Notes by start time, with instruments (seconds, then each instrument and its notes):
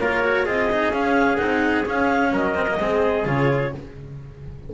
0.00 double bass A#3, cello F4, trumpet A#4, clarinet C#5
0.24 cello F#4
0.46 double bass C4, cello F4, trumpet G#4, clarinet D#5
0.72 cello D#4
0.90 double bass C#4, cello C#4, clarinet F5
1.37 double bass C4, cello D#4, clarinet F#5
1.86 cello C#4, double bass C#4, clarinet F5
2.32 double bass F#3, trumpet A#4, clarinet D#5
2.55 cello C4
2.68 cello A#3
2.80 double bass G#3, cello C4, trumpet G#4
3.25 double bass C#3, cello F4, clarinet C#5